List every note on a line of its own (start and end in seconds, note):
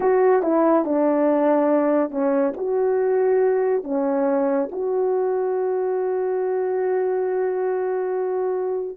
0.00 0.42 F#4
0.42 0.84 E4
0.85 2.10 D4
2.10 2.53 C#4
2.56 3.83 F#4
3.83 4.68 C#4
4.71 8.97 F#4